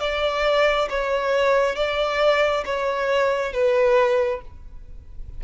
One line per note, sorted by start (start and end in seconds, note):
0.00 0.88 D5
0.89 1.75 C#5
1.75 2.64 D5
2.65 3.53 C#5
3.53 4.41 B4